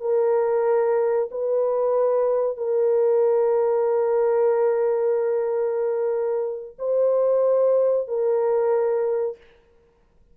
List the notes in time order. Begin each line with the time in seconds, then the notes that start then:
0.00 A#4
1.31 B4
2.57 A#4
6.79 C5
8.08 A#4